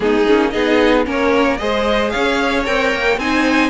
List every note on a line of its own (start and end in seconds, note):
0.00 0.25 G#3
0.00 0.25 B3
0.00 0.52 D#4
0.00 0.50 G#4
0.26 0.54 A#3
0.26 0.52 C#4
0.50 1.06 B3
0.50 1.04 D#4
0.50 1.05 G#4
0.50 1.03 D#5
1.04 1.59 A#3
1.04 1.57 C#4
1.04 1.59 A#4
1.04 1.57 C#5
1.57 2.13 G#3
1.57 2.65 G#4
1.57 2.12 C5
1.57 2.10 D#5
2.10 2.67 C#4
2.10 3.18 C#5
2.10 2.63 F5
2.65 2.93 C4
2.65 3.18 A#4
2.65 3.19 G5
2.93 3.16 A#3
3.16 3.69 C4
3.16 3.69 D#4
3.16 3.69 C5
3.16 3.69 G#5